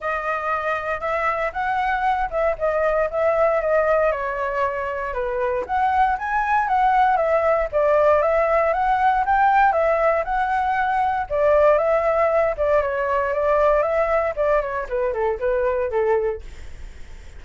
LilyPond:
\new Staff \with { instrumentName = "flute" } { \time 4/4 \tempo 4 = 117 dis''2 e''4 fis''4~ | fis''8 e''8 dis''4 e''4 dis''4 | cis''2 b'4 fis''4 | gis''4 fis''4 e''4 d''4 |
e''4 fis''4 g''4 e''4 | fis''2 d''4 e''4~ | e''8 d''8 cis''4 d''4 e''4 | d''8 cis''8 b'8 a'8 b'4 a'4 | }